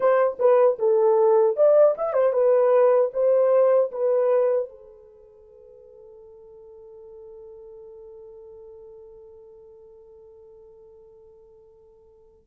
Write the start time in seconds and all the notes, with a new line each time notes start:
0.00 C5
0.39 B4
0.78 A4
1.56 D5
1.97 E5
2.13 C5
2.32 B4
3.13 C5
3.91 B4
4.69 A4